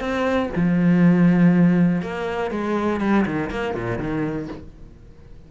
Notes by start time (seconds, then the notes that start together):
0.00 C4
0.55 F3
2.02 A#3
2.51 G#3
3.00 G3
3.26 D#3
3.50 A#3
3.74 A#2
3.98 D#3